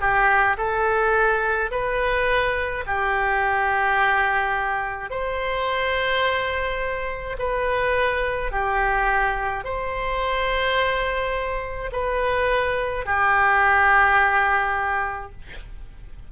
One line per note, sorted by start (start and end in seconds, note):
0.00 0.57 G4
0.57 1.70 A4
1.71 2.84 B4
2.87 5.10 G4
5.10 7.36 C5
7.38 8.51 B4
8.51 9.64 G4
9.64 11.90 C5
11.92 13.05 B4
13.05 15.31 G4